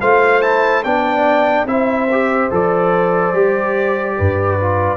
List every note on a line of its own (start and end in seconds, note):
0.00 0.85 A3
0.00 0.42 F4
0.00 0.83 C5
0.00 0.41 F5
0.41 0.84 E4
0.41 0.83 A5
0.84 1.65 B3
0.84 1.67 D4
0.84 1.67 D5
0.84 1.67 G5
1.65 2.49 C4
1.65 2.08 E4
1.65 4.18 C5
1.65 2.51 E5
2.11 2.51 G4
2.51 3.33 F3
2.51 3.34 A4
2.51 4.97 D5
3.33 4.16 G3
3.33 4.59 G4
4.18 4.97 G2
4.18 4.97 B4
4.60 4.97 F4